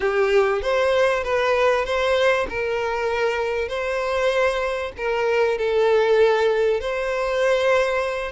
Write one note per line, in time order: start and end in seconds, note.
0.00 0.62 G4
0.62 1.23 C5
1.23 1.85 B4
1.85 2.47 C5
2.49 3.68 A#4
3.68 4.92 C5
4.97 5.58 A#4
5.58 6.80 A4
6.80 8.31 C5